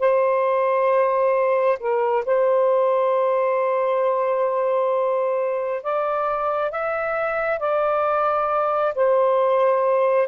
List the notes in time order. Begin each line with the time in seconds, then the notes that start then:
0.00 C5
1.80 A#4
2.26 C5
5.83 D5
6.72 E5
7.60 D5
8.95 C5